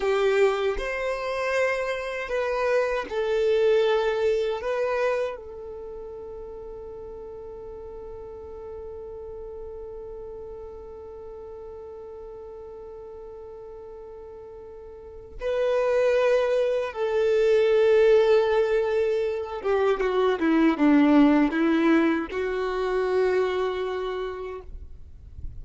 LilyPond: \new Staff \with { instrumentName = "violin" } { \time 4/4 \tempo 4 = 78 g'4 c''2 b'4 | a'2 b'4 a'4~ | a'1~ | a'1~ |
a'1 | b'2 a'2~ | a'4. g'8 fis'8 e'8 d'4 | e'4 fis'2. | }